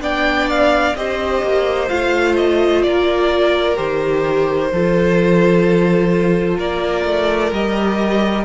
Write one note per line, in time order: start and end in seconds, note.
0.00 0.94 B3
0.00 0.95 D4
0.00 0.96 D5
0.00 0.49 G5
0.49 0.95 F5
0.95 1.42 C4
0.95 1.89 G4
0.95 2.85 C5
0.95 1.88 D#5
1.42 1.89 A#3
1.88 2.84 A3
1.88 3.75 F4
1.88 2.35 F5
2.35 2.82 D#5
2.82 3.78 A#3
2.82 4.71 A#4
2.82 3.76 D5
3.75 4.71 D#3
3.75 4.69 G4
3.75 6.57 C5
4.71 6.58 F3
4.71 7.54 F4
4.71 6.57 A4
6.57 7.04 A#3
6.57 8.45 A#4
6.57 7.53 D5
7.05 7.51 A3
7.51 8.45 G3
7.51 8.45 G4
7.51 8.45 D#5